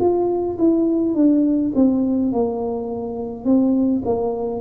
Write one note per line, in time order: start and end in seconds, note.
0.00 0.58 F4
0.59 1.15 E4
1.15 1.73 D4
1.76 2.33 C4
2.33 3.45 A#3
3.45 4.03 C4
4.05 4.61 A#3